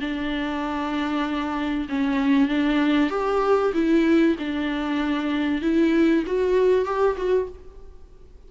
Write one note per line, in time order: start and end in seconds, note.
0.00 1.88 D4
1.88 2.48 C#4
2.48 3.10 D4
3.10 3.72 G4
3.73 4.36 E4
4.39 5.61 D4
5.61 6.24 E4
6.26 6.85 F#4
6.85 7.16 G4
7.17 7.48 F#4